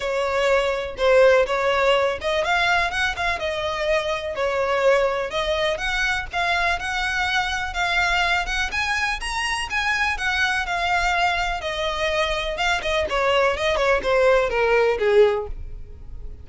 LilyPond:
\new Staff \with { instrumentName = "violin" } { \time 4/4 \tempo 4 = 124 cis''2 c''4 cis''4~ | cis''8 dis''8 f''4 fis''8 f''8 dis''4~ | dis''4 cis''2 dis''4 | fis''4 f''4 fis''2 |
f''4. fis''8 gis''4 ais''4 | gis''4 fis''4 f''2 | dis''2 f''8 dis''8 cis''4 | dis''8 cis''8 c''4 ais'4 gis'4 | }